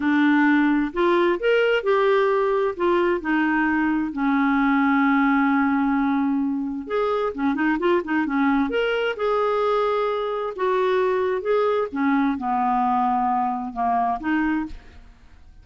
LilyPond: \new Staff \with { instrumentName = "clarinet" } { \time 4/4 \tempo 4 = 131 d'2 f'4 ais'4 | g'2 f'4 dis'4~ | dis'4 cis'2.~ | cis'2. gis'4 |
cis'8 dis'8 f'8 dis'8 cis'4 ais'4 | gis'2. fis'4~ | fis'4 gis'4 cis'4 b4~ | b2 ais4 dis'4 | }